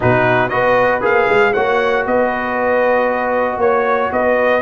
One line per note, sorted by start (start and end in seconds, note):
0.00 0.51 B2
0.00 0.49 D#4
0.00 0.51 F#4
0.00 0.48 B4
0.48 1.02 B3
0.48 1.01 F#4
0.48 1.53 B4
0.48 1.00 D#5
1.01 1.28 A#3
1.01 1.52 G#4
1.01 1.53 F5
1.29 1.55 G#3
1.53 2.06 A#3
1.53 4.61 F#4
1.53 2.04 C#5
1.53 2.04 F#5
2.06 3.57 B3
2.06 3.59 B4
2.06 3.60 D#5
3.57 4.09 A#3
3.57 4.11 C#5
4.12 4.61 B3
4.12 4.61 B4
4.12 4.61 D#5